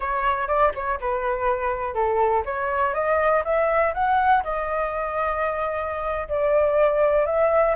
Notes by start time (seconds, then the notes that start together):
0.00 C#5
0.47 D5
0.75 C#5
1.00 B4
1.94 A4
2.45 C#5
2.94 D#5
3.44 E5
3.93 F#5
4.43 D#5
6.28 D5
7.25 E5